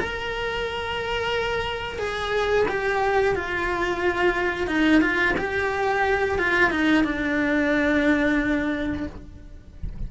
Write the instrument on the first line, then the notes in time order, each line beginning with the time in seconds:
cello
0.00 A#4
1.99 G#4
2.69 G4
3.36 F4
4.68 D#4
5.01 F4
5.38 G4
6.39 F4
6.71 D#4
7.04 D4